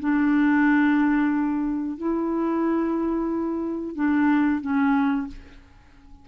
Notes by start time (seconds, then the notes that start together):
0.00 D4
1.97 E4
3.95 D4
4.61 C#4